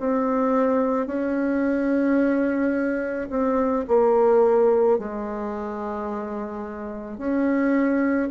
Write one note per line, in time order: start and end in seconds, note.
0.00 1.07 C4
1.07 3.29 C#4
3.30 3.85 C4
3.88 4.98 A#3
4.98 7.18 G#3
7.18 8.29 C#4